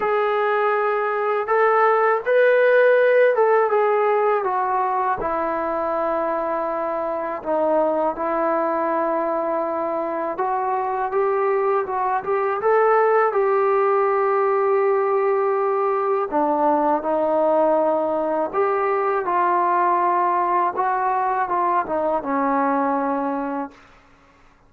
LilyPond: \new Staff \with { instrumentName = "trombone" } { \time 4/4 \tempo 4 = 81 gis'2 a'4 b'4~ | b'8 a'8 gis'4 fis'4 e'4~ | e'2 dis'4 e'4~ | e'2 fis'4 g'4 |
fis'8 g'8 a'4 g'2~ | g'2 d'4 dis'4~ | dis'4 g'4 f'2 | fis'4 f'8 dis'8 cis'2 | }